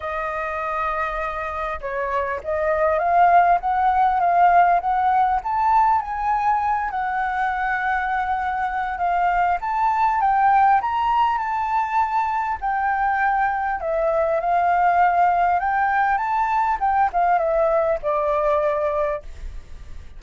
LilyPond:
\new Staff \with { instrumentName = "flute" } { \time 4/4 \tempo 4 = 100 dis''2. cis''4 | dis''4 f''4 fis''4 f''4 | fis''4 a''4 gis''4. fis''8~ | fis''2. f''4 |
a''4 g''4 ais''4 a''4~ | a''4 g''2 e''4 | f''2 g''4 a''4 | g''8 f''8 e''4 d''2 | }